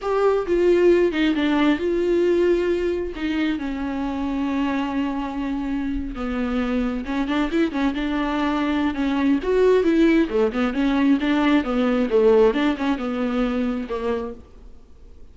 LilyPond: \new Staff \with { instrumentName = "viola" } { \time 4/4 \tempo 4 = 134 g'4 f'4. dis'8 d'4 | f'2. dis'4 | cis'1~ | cis'4.~ cis'16 b2 cis'16~ |
cis'16 d'8 e'8 cis'8 d'2~ d'16 | cis'4 fis'4 e'4 a8 b8 | cis'4 d'4 b4 a4 | d'8 cis'8 b2 ais4 | }